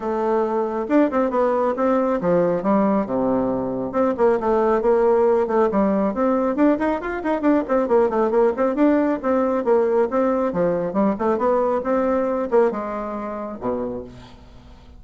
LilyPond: \new Staff \with { instrumentName = "bassoon" } { \time 4/4 \tempo 4 = 137 a2 d'8 c'8 b4 | c'4 f4 g4 c4~ | c4 c'8 ais8 a4 ais4~ | ais8 a8 g4 c'4 d'8 dis'8 |
f'8 dis'8 d'8 c'8 ais8 a8 ais8 c'8 | d'4 c'4 ais4 c'4 | f4 g8 a8 b4 c'4~ | c'8 ais8 gis2 b,4 | }